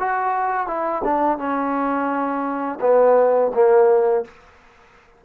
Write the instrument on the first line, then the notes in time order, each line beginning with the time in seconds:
trombone
0.00 F#4
0.67 E4
1.05 D4
1.38 C#4
2.81 B3
3.55 A#3